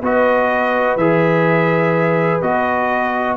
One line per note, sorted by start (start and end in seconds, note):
0.00 0.96 B3
0.00 0.99 F#4
0.00 3.36 B4
0.00 0.97 D#5
0.96 2.41 E3
0.96 2.43 G#4
0.96 2.42 E5
2.42 3.38 B3
2.42 3.38 F#4
2.42 3.38 D#5